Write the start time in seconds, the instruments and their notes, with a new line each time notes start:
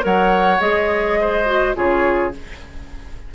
0.00 bassoon F#3, clarinet A#4, oboe C#5, flute F#5
0.60 bassoon G#3, clarinet G#4, flute D#5
1.20 oboe C5
1.46 clarinet F#4
1.74 bassoon C#3, clarinet F4, oboe G#4, flute C#5